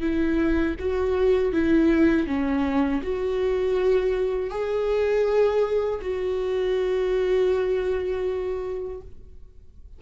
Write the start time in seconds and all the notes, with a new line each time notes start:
0.00 E4
0.79 F#4
1.52 E4
2.26 C#4
3.02 F#4
4.50 G#4
6.01 F#4